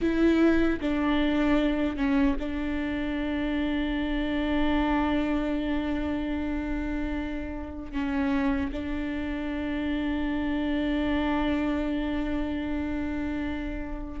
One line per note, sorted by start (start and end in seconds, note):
0.01 0.80 E4
0.81 1.96 D4
1.96 2.36 C#4
2.39 7.92 D4
7.92 8.71 C#4
8.72 14.20 D4